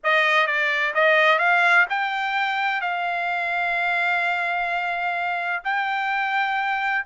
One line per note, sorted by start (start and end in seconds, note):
0.03 0.46 D#5
0.46 0.93 D5
0.94 1.38 D#5
1.38 1.85 F5
1.89 2.81 G5
2.81 5.62 F5
5.64 7.04 G5